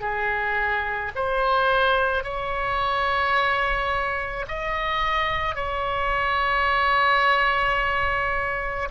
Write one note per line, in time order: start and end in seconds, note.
0.00 1.11 G#4
1.15 2.23 C5
2.23 4.45 C#5
4.47 5.55 D#5
5.55 8.88 C#5